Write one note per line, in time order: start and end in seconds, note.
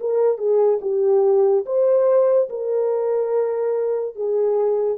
0.00 0.37 A#4
0.37 0.79 G#4
0.81 1.64 G4
1.65 2.48 C5
2.49 4.15 A#4
4.15 4.98 G#4